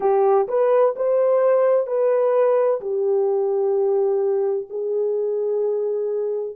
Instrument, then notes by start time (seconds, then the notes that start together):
horn
0.00 G4
0.47 B4
0.96 C5
1.86 B4
2.80 G4
4.69 G#4